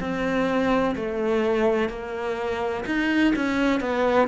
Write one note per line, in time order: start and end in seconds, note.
0.00 0.95 C4
0.96 1.89 A3
1.89 2.84 A#3
2.86 3.33 D#4
3.35 3.80 C#4
3.80 4.28 B3